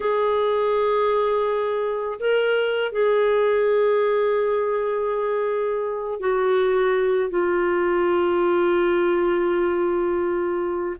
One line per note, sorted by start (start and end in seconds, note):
0.00 2.19 G#4
2.20 2.92 A#4
2.92 6.20 G#4
6.20 7.29 F#4
7.30 10.96 F4